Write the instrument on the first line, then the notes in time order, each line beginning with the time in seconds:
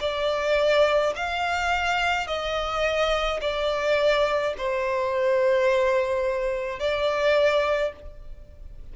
violin
0.00 D5
1.16 F5
2.27 D#5
3.41 D5
4.57 C5
6.79 D5